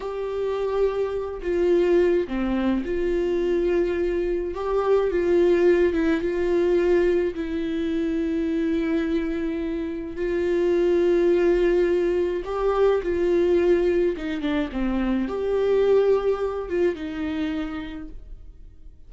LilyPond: \new Staff \with { instrumentName = "viola" } { \time 4/4 \tempo 4 = 106 g'2~ g'8 f'4. | c'4 f'2. | g'4 f'4. e'8 f'4~ | f'4 e'2.~ |
e'2 f'2~ | f'2 g'4 f'4~ | f'4 dis'8 d'8 c'4 g'4~ | g'4. f'8 dis'2 | }